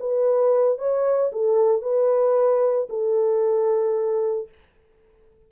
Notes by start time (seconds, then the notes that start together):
0.00 B4
0.78 C#5
1.32 A4
1.82 B4
2.90 A4